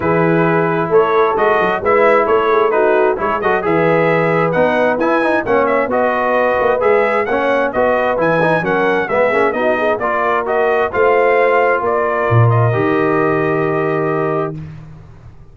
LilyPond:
<<
  \new Staff \with { instrumentName = "trumpet" } { \time 4/4 \tempo 4 = 132 b'2 cis''4 dis''4 | e''4 cis''4 b'4 cis''8 dis''8 | e''2 fis''4 gis''4 | fis''8 e''8 dis''2 e''4 |
fis''4 dis''4 gis''4 fis''4 | e''4 dis''4 d''4 dis''4 | f''2 d''4. dis''8~ | dis''1 | }
  \new Staff \with { instrumentName = "horn" } { \time 4/4 gis'2 a'2 | b'4 a'8 gis'8 fis'4 gis'8 a'8 | b'1 | cis''4 b'2. |
cis''4 b'2 ais'4 | gis'4 fis'8 gis'8 ais'2 | c''2 ais'2~ | ais'1 | }
  \new Staff \with { instrumentName = "trombone" } { \time 4/4 e'2. fis'4 | e'2 dis'4 e'8 fis'8 | gis'2 dis'4 e'8 dis'8 | cis'4 fis'2 gis'4 |
cis'4 fis'4 e'8 dis'8 cis'4 | b8 cis'8 dis'4 f'4 fis'4 | f'1 | g'1 | }
  \new Staff \with { instrumentName = "tuba" } { \time 4/4 e2 a4 gis8 fis8 | gis4 a2 gis8 fis8 | e2 b4 e'4 | ais4 b4. ais8 gis4 |
ais4 b4 e4 fis4 | gis8 ais8 b4 ais2 | a2 ais4 ais,4 | dis1 | }
>>